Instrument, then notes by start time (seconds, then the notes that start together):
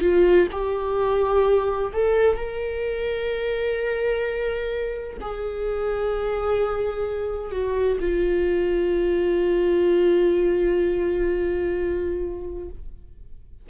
viola
0.00 F4
0.51 G4
1.93 A4
2.36 A#4
5.21 G#4
7.51 F#4
8.00 F4